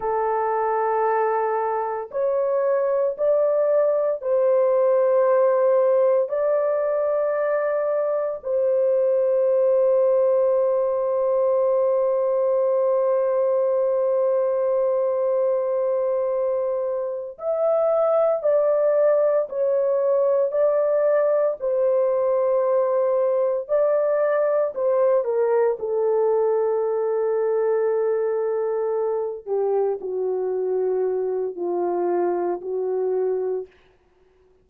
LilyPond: \new Staff \with { instrumentName = "horn" } { \time 4/4 \tempo 4 = 57 a'2 cis''4 d''4 | c''2 d''2 | c''1~ | c''1~ |
c''8 e''4 d''4 cis''4 d''8~ | d''8 c''2 d''4 c''8 | ais'8 a'2.~ a'8 | g'8 fis'4. f'4 fis'4 | }